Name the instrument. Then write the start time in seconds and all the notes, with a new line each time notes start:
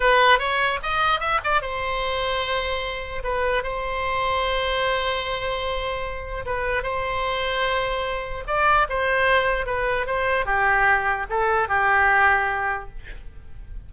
oboe
0.00 B4
0.39 C#5
0.82 D#5
1.20 E5
1.44 D5
1.61 C5
3.23 B4
3.63 C5
6.45 B4
6.83 C5
8.47 D5
8.89 C5
9.66 B4
10.06 C5
10.45 G4
11.29 A4
11.68 G4